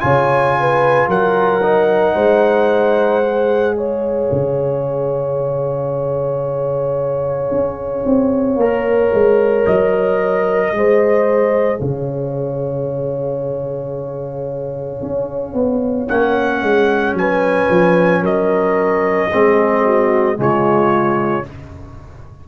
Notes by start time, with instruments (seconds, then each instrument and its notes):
0.00 tuba C#3, trombone F4, horn C#5, trumpet G#5
0.59 horn B4
1.08 tuba F#3, horn A#4, trumpet F#5
1.62 trombone D#4
2.15 tuba G#3, horn C5
3.21 trombone G#4
3.76 horn C#5, trumpet F5
4.31 tuba C#3
7.51 tuba C#4
8.05 tuba C4
8.56 tuba A#3, trombone A#4
9.12 tuba G#3
9.66 tuba F#3, trumpet D#5
10.72 tuba G#3, trombone G#4, horn C5
11.80 tuba C#3, horn C#5, trumpet F5
15.02 tuba C#4
15.53 tuba B3
16.08 tuba A#3, trombone C#4, trumpet F#5
16.62 tuba G#3
17.13 tuba F#3, horn B4, trumpet G#5
17.69 tuba F3
18.22 tuba F#3, horn A#4, trumpet D#5
19.30 tuba G#3, trombone C4, horn G#4
19.84 horn F#4
20.36 tuba C#3, trombone G#3, horn F4, trumpet C#5